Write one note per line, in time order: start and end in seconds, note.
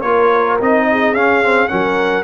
0.00 0.57 A#3
0.00 0.60 F4
0.00 0.83 A#4
0.00 0.56 C#5
0.60 1.13 C4
0.60 1.16 D#4
0.60 1.14 D#5
0.90 1.70 G#4
1.13 1.68 C#4
1.13 1.43 C#4
1.13 1.67 F5
1.43 1.68 C4
1.67 2.23 F#3
1.67 2.23 C#4
1.67 2.23 A#4
1.67 2.23 F#5